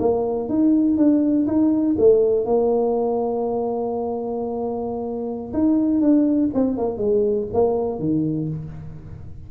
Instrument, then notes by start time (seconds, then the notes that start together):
tuba
0.00 A#3
0.49 D#4
0.97 D4
1.47 D#4
1.99 A3
2.45 A#3
5.54 D#4
6.01 D4
6.54 C4
6.78 A#3
6.98 G#3
7.54 A#3
7.99 D#3